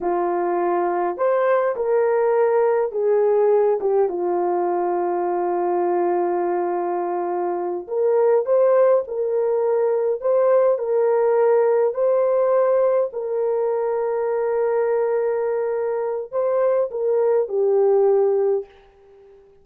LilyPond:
\new Staff \with { instrumentName = "horn" } { \time 4/4 \tempo 4 = 103 f'2 c''4 ais'4~ | ais'4 gis'4. g'8 f'4~ | f'1~ | f'4. ais'4 c''4 ais'8~ |
ais'4. c''4 ais'4.~ | ais'8 c''2 ais'4.~ | ais'1 | c''4 ais'4 g'2 | }